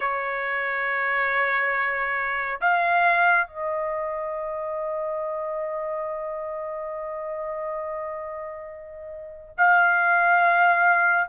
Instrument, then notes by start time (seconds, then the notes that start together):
trumpet
0.00 C#5
2.60 F5
3.47 D#5
9.57 F5